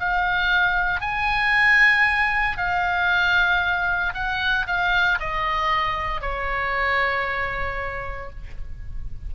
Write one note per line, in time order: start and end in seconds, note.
0.00 1.02 F5
1.02 2.58 G#5
2.58 4.14 F5
4.15 4.67 F#5
4.67 5.19 F5
5.20 6.22 D#5
6.22 8.31 C#5